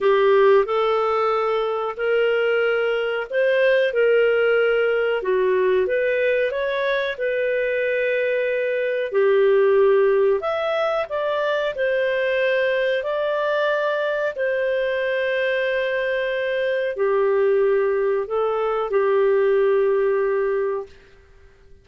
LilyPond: \new Staff \with { instrumentName = "clarinet" } { \time 4/4 \tempo 4 = 92 g'4 a'2 ais'4~ | ais'4 c''4 ais'2 | fis'4 b'4 cis''4 b'4~ | b'2 g'2 |
e''4 d''4 c''2 | d''2 c''2~ | c''2 g'2 | a'4 g'2. | }